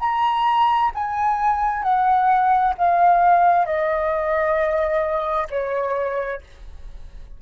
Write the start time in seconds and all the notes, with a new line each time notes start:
0.00 A#5
0.95 G#5
1.83 F#5
2.78 F5
3.66 D#5
5.50 C#5